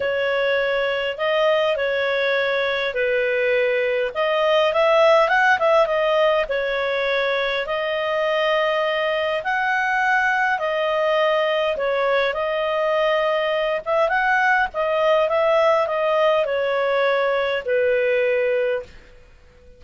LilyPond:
\new Staff \with { instrumentName = "clarinet" } { \time 4/4 \tempo 4 = 102 cis''2 dis''4 cis''4~ | cis''4 b'2 dis''4 | e''4 fis''8 e''8 dis''4 cis''4~ | cis''4 dis''2. |
fis''2 dis''2 | cis''4 dis''2~ dis''8 e''8 | fis''4 dis''4 e''4 dis''4 | cis''2 b'2 | }